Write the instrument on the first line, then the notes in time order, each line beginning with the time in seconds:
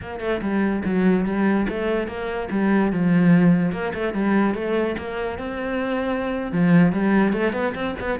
cello
0.01 A#3
0.20 A3
0.41 G3
0.84 F#3
1.25 G3
1.68 A3
2.07 A#3
2.51 G3
2.92 F3
3.71 A#3
3.94 A3
4.13 G3
4.54 A3
4.97 A#3
5.38 C4
6.52 F3
6.92 G3
7.32 A3
7.53 B3
7.74 C4
8.00 B3